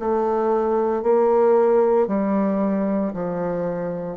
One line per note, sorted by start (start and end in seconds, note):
0.00 1.03 A3
1.03 2.08 A#3
2.08 3.13 G3
3.14 4.18 F3